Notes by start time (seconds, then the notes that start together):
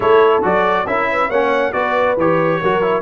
0.00 A3 E4 A4 C#5
0.42 F#3 F#4 D5
0.86 C#4 E4 A#4 E5
1.10 B4
1.28 A#3 C#4 C#5 F#5
1.72 B3 F#4 B4 D5
2.16 E3 G4 C#5
2.60 F#3 F#4 A#4
2.82 E4